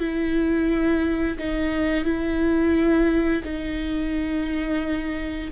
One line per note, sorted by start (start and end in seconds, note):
0.00 1.38 E4
1.39 2.05 D#4
2.05 3.43 E4
3.45 5.51 D#4